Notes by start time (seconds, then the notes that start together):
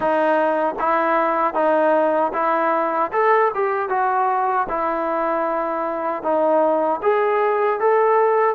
0.00 D#4
0.79 E4
1.54 D#4
2.33 E4
3.12 A4
3.54 G4
3.89 F#4
4.69 E4
6.22 D#4
7.02 G#4
7.80 A4